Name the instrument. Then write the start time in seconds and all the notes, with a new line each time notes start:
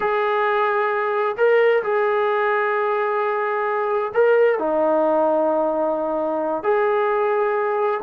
trombone
0.00 G#4
1.37 A#4
1.83 G#4
4.14 A#4
4.58 D#4
6.63 G#4